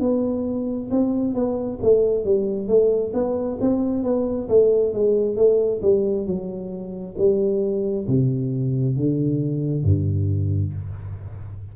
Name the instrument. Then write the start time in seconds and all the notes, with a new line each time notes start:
tuba
0.00 B3
0.91 C4
1.34 B3
1.82 A3
2.24 G3
2.67 A3
3.13 B3
3.61 C4
4.03 B3
4.49 A3
4.93 G#3
5.36 A3
5.82 G3
6.26 F#3
7.18 G3
8.08 C3
8.96 D3
9.83 G2